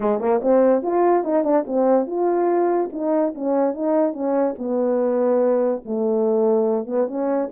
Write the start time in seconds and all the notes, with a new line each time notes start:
0.00 G#3
0.20 A#3
0.42 C4
0.82 F4
1.24 D#4
1.44 D4
1.66 C4
2.06 F4
2.92 D#4
3.34 C#4
3.74 D#4
4.13 C#4
4.58 B3
5.85 A3
6.86 B3
7.07 C#4